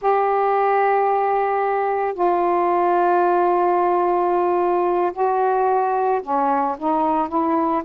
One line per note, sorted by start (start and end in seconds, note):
0.01 2.14 G4
2.14 5.12 F4
5.13 6.21 F#4
6.22 6.76 C#4
6.78 7.28 D#4
7.28 7.82 E4